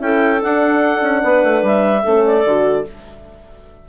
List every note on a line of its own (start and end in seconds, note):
0.00 0.41 C#4
0.00 0.40 E4
0.00 1.23 A4
0.00 0.43 G5
0.40 2.03 D4
0.40 1.02 D4
0.40 1.65 F#5
1.02 1.23 C#4
1.23 1.44 B3
1.23 2.03 B4
1.44 1.63 A3
1.63 2.04 G3
1.63 2.25 E5
2.03 2.45 A3
2.03 2.47 C#4
2.03 2.85 A4
2.25 2.87 D5
2.45 2.86 D3
2.45 2.89 F#4